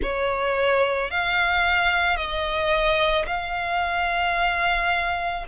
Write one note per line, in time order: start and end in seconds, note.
0.02 1.10 C#5
1.10 2.16 F5
2.16 3.25 D#5
3.26 5.44 F5